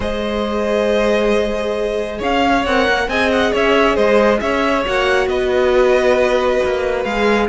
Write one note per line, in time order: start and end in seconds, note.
0.00 2.20 G#3
0.00 2.64 G#4
0.00 2.18 C5
0.00 2.21 D#5
2.18 2.66 C#4
2.18 3.06 C#5
2.18 2.65 F5
2.65 2.88 C4
2.65 3.09 A#4
2.65 3.09 F#5
2.88 3.07 A#3
3.07 3.52 C4
3.07 4.85 G#4
3.07 3.52 D#5
3.07 3.31 G#5
3.31 3.53 F#5
3.52 3.96 C#4
3.52 3.95 C#5
3.52 3.96 E5
3.95 4.40 G#3
3.95 4.39 C5
3.95 4.39 D#5
4.39 4.85 C#4
4.39 5.27 C#5
4.39 4.84 E5
4.85 5.27 A#3
4.85 7.06 F#4
4.85 5.28 F#5
5.27 6.59 B3
5.27 7.48 B4
5.27 7.03 D#5
6.64 7.05 A#3
7.03 7.49 G#3
7.03 7.49 G#4
7.03 7.47 F5